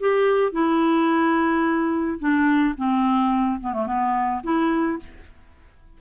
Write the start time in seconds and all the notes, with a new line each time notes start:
0.00 G4
0.52 E4
2.19 D4
2.77 C4
3.61 B3
3.73 A3
3.86 B3
4.43 E4